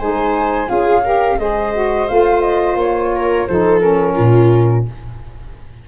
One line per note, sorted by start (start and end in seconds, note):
0.00 0.70 G#3
0.00 0.68 D#4
0.00 0.69 C5
0.00 0.69 G#5
0.68 1.39 C#4
0.68 1.02 F4
0.68 1.04 G#4
0.68 1.39 F5
1.04 1.39 G4
1.04 1.40 A#4
1.39 2.09 G#3
1.39 1.73 G#4
1.39 3.15 C5
1.39 2.09 D#5
1.73 2.08 F#4
2.09 2.76 A3
2.09 3.48 F4
2.09 2.42 F5
2.42 2.77 D#5
2.76 3.45 A#3
2.76 3.48 C#5
3.16 3.50 A#4
3.48 4.19 F3
3.48 3.81 D#4
3.48 4.15 A4
3.48 3.81 C5
3.81 4.85 C#4
3.81 4.85 A#4
4.15 4.89 A#2
4.15 4.85 F4